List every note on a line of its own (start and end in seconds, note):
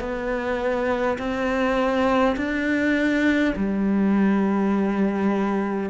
0.00 1.18 B3
1.18 2.36 C4
2.36 3.54 D4
3.56 5.90 G3